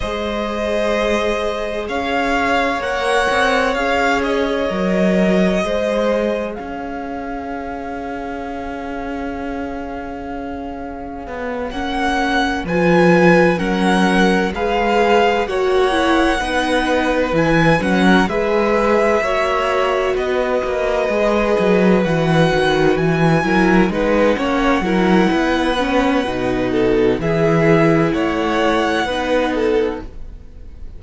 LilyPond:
<<
  \new Staff \with { instrumentName = "violin" } { \time 4/4 \tempo 4 = 64 dis''2 f''4 fis''4 | f''8 dis''2~ dis''8 f''4~ | f''1~ | f''8 fis''4 gis''4 fis''4 f''8~ |
f''8 fis''2 gis''8 fis''8 e''8~ | e''4. dis''2 fis''8~ | fis''8 gis''4 fis''2~ fis''8~ | fis''4 e''4 fis''2 | }
  \new Staff \with { instrumentName = "violin" } { \time 4/4 c''2 cis''2~ | cis''2 c''4 cis''4~ | cis''1~ | cis''4. b'4 ais'4 b'8~ |
b'8 cis''4 b'4.~ b'16 ais'16 b'8~ | b'8 cis''4 b'2~ b'8~ | b'4 ais'8 b'8 cis''8 ais'8 b'4~ | b'8 a'8 gis'4 cis''4 b'8 a'8 | }
  \new Staff \with { instrumentName = "viola" } { \time 4/4 gis'2. ais'4 | gis'4 ais'4 gis'2~ | gis'1~ | gis'8 cis'4 f'4 cis'4 gis'8~ |
gis'8 fis'8 e'8 dis'4 e'8 cis'8 gis'8~ | gis'8 fis'2 gis'4 fis'8~ | fis'4 e'8 dis'8 cis'8 e'4 cis'8 | dis'4 e'2 dis'4 | }
  \new Staff \with { instrumentName = "cello" } { \time 4/4 gis2 cis'4 ais8 c'8 | cis'4 fis4 gis4 cis'4~ | cis'1 | b8 ais4 f4 fis4 gis8~ |
gis8 ais4 b4 e8 fis8 gis8~ | gis8 ais4 b8 ais8 gis8 fis8 e8 | dis8 e8 fis8 gis8 ais8 fis8 b4 | b,4 e4 a4 b4 | }
>>